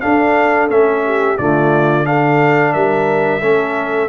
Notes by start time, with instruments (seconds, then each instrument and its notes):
0.00 trombone D4, tuba D4, horn A4, trumpet F5
0.69 tuba A3, trombone C#4, trumpet E5
1.05 horn G4
1.38 tuba D3, trombone A3, horn F4, trumpet D5
2.05 trombone D4, horn A4, trumpet F5
2.73 tuba G3, horn A#4, trumpet E5
3.41 tuba A3, trombone C#4, horn A4